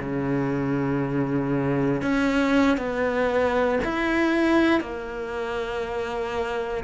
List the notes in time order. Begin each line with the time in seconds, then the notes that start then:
0.00 C#3
2.02 C#4
2.77 B3
3.85 E4
4.81 A#3